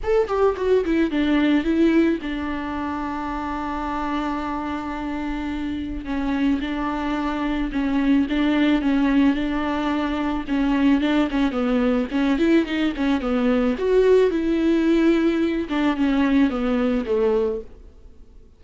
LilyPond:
\new Staff \with { instrumentName = "viola" } { \time 4/4 \tempo 4 = 109 a'8 g'8 fis'8 e'8 d'4 e'4 | d'1~ | d'2. cis'4 | d'2 cis'4 d'4 |
cis'4 d'2 cis'4 | d'8 cis'8 b4 cis'8 e'8 dis'8 cis'8 | b4 fis'4 e'2~ | e'8 d'8 cis'4 b4 a4 | }